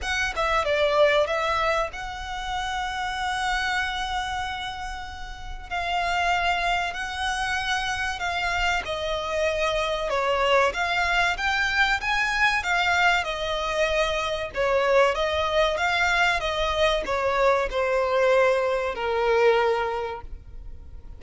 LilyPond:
\new Staff \with { instrumentName = "violin" } { \time 4/4 \tempo 4 = 95 fis''8 e''8 d''4 e''4 fis''4~ | fis''1~ | fis''4 f''2 fis''4~ | fis''4 f''4 dis''2 |
cis''4 f''4 g''4 gis''4 | f''4 dis''2 cis''4 | dis''4 f''4 dis''4 cis''4 | c''2 ais'2 | }